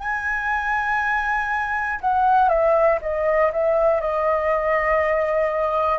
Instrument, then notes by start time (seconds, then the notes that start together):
flute
0.00 G#5
2.01 F#5
2.49 E5
3.02 D#5
3.53 E5
4.01 D#5